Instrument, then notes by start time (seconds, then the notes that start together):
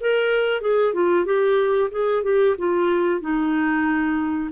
clarinet
0.00 A#4
0.61 G#4
0.93 F4
1.25 G4
1.90 G#4
2.23 G4
2.57 F4
3.21 D#4